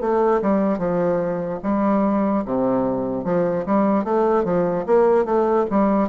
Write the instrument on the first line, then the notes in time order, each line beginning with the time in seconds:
bassoon
0.00 A3
0.41 G3
0.78 F3
1.63 G3
2.45 C3
3.24 F3
3.66 G3
4.04 A3
4.44 F3
4.86 A#3
5.24 A3
5.70 G3